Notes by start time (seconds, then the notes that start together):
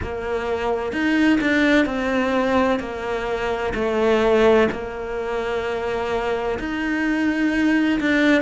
0.02 A#3
0.92 D#4
1.41 D4
1.85 C4
2.79 A#3
3.74 A3
4.71 A#3
6.59 D#4
8.00 D4